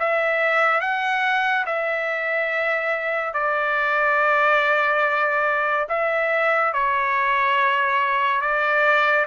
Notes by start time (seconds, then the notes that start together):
0.00 E5
0.81 F#5
1.66 E5
3.34 D5
5.89 E5
6.73 C#5
8.42 D5